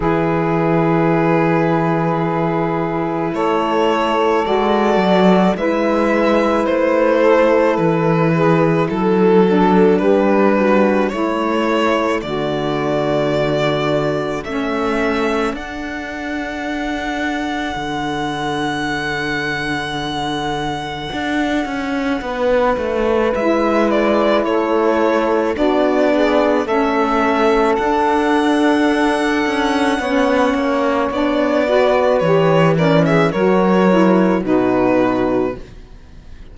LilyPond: <<
  \new Staff \with { instrumentName = "violin" } { \time 4/4 \tempo 4 = 54 b'2. cis''4 | d''4 e''4 c''4 b'4 | a'4 b'4 cis''4 d''4~ | d''4 e''4 fis''2~ |
fis''1~ | fis''4 e''8 d''8 cis''4 d''4 | e''4 fis''2. | d''4 cis''8 d''16 e''16 cis''4 b'4 | }
  \new Staff \with { instrumentName = "saxophone" } { \time 4/4 gis'2. a'4~ | a'4 b'4. a'4 gis'8 | a'4 g'8 fis'8 e'4 fis'4~ | fis'4 a'2.~ |
a'1 | b'2 a'4 fis'8 gis'8 | a'2. cis''4~ | cis''8 b'4 ais'16 gis'16 ais'4 fis'4 | }
  \new Staff \with { instrumentName = "saxophone" } { \time 4/4 e'1 | fis'4 e'2.~ | e'8 d'4. a2~ | a4 cis'4 d'2~ |
d'1~ | d'4 e'2 d'4 | cis'4 d'2 cis'4 | d'8 fis'8 g'8 cis'8 fis'8 e'8 dis'4 | }
  \new Staff \with { instrumentName = "cello" } { \time 4/4 e2. a4 | gis8 fis8 gis4 a4 e4 | fis4 g4 a4 d4~ | d4 a4 d'2 |
d2. d'8 cis'8 | b8 a8 gis4 a4 b4 | a4 d'4. cis'8 b8 ais8 | b4 e4 fis4 b,4 | }
>>